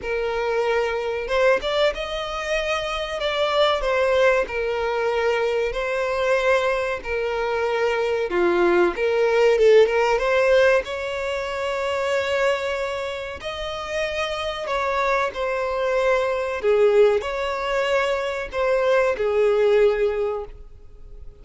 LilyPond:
\new Staff \with { instrumentName = "violin" } { \time 4/4 \tempo 4 = 94 ais'2 c''8 d''8 dis''4~ | dis''4 d''4 c''4 ais'4~ | ais'4 c''2 ais'4~ | ais'4 f'4 ais'4 a'8 ais'8 |
c''4 cis''2.~ | cis''4 dis''2 cis''4 | c''2 gis'4 cis''4~ | cis''4 c''4 gis'2 | }